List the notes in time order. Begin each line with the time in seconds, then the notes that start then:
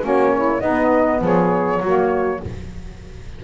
0.00 A#3 C#4 F#4
0.07 C#5
0.35 E4
0.60 B3 D#4 D#5
1.21 F3 G#4 C#5
1.80 F#3 A#3 F#4